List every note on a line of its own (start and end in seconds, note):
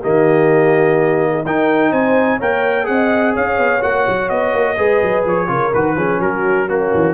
0.00 1.46 D#3
0.00 1.46 A#3
0.00 1.31 G4
0.00 1.46 D#5
1.31 1.42 G#4
1.45 1.92 D#4
1.45 2.40 D#4
1.45 1.91 A#4
1.45 1.93 G5
1.91 2.40 C4
1.91 2.37 C5
1.91 2.40 G#5
2.37 2.88 A#3
2.37 2.84 A#4
2.37 2.85 C#5
2.37 2.86 G5
2.84 3.36 C4
2.84 3.79 G#4
2.84 3.34 F#5
2.91 3.34 D#5
3.34 3.58 C#4
3.34 4.77 C#5
3.34 3.82 F5
3.58 3.81 B3
3.81 4.07 A#3
3.81 4.77 F#4
3.81 4.29 F#5
4.08 4.31 F#3
4.29 4.53 B3
4.29 5.24 D#5
4.53 4.77 A#3
4.77 5.02 G#3
4.77 5.47 G#4
4.77 5.48 B4
5.02 5.25 F#3
5.25 5.49 F3
5.25 5.74 C#5
5.47 5.73 C#3
5.47 5.71 F4
5.47 5.97 A#4
5.74 5.96 D#3
5.74 5.97 F#4
5.74 6.21 B4
5.96 6.20 F3
5.96 6.68 C#4
5.96 6.20 G#4
6.20 6.91 F#3
6.20 6.68 F#4
6.20 6.69 A#4
6.68 7.14 A#3
6.68 7.14 C#4
6.68 7.14 F#4
6.94 7.14 E3